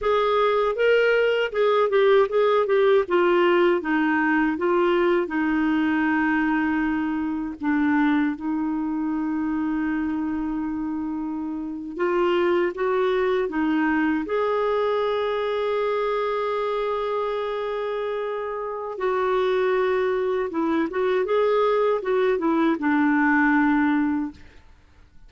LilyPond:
\new Staff \with { instrumentName = "clarinet" } { \time 4/4 \tempo 4 = 79 gis'4 ais'4 gis'8 g'8 gis'8 g'8 | f'4 dis'4 f'4 dis'4~ | dis'2 d'4 dis'4~ | dis'2.~ dis'8. f'16~ |
f'8. fis'4 dis'4 gis'4~ gis'16~ | gis'1~ | gis'4 fis'2 e'8 fis'8 | gis'4 fis'8 e'8 d'2 | }